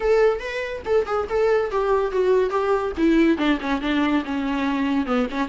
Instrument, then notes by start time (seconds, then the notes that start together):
viola
0.00 A4
0.39 B4
0.85 A4
1.06 G#4
1.29 A4
1.70 G4
2.11 F#4
2.49 G4
2.97 E4
3.37 D4
3.60 C#4
3.81 D4
4.24 C#4
5.06 B3
5.30 C#4